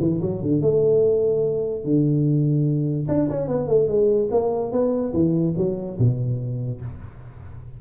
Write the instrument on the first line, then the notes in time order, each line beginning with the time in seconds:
tuba
0.00 E3
0.21 F#3
0.42 D3
0.61 A3
1.84 D3
3.08 D4
3.30 C#4
3.48 B3
3.67 A3
3.88 G#3
4.31 A#3
4.72 B3
5.13 E3
5.57 F#3
5.99 B2